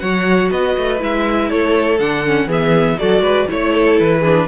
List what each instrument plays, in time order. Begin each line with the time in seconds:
0.00 cello F#3, viola F#4, violin C#5 F#5
0.51 cello B3, violin B4 D#5
0.78 cello A3
0.99 cello G#3, viola E4, violin E5
1.50 cello A3, violin A4 C#5
1.99 cello D3, viola D4, violin F#5
2.26 viola C#4
2.46 cello E3, viola B3, violin G#4 E5
2.99 cello F#3, viola F#4, violin A4 D5
3.20 cello G#3, violin B4
3.49 cello A3, viola E4, violin C#5
3.73 violin A4
3.99 cello E3, violin B4
4.20 viola D4, violin G#4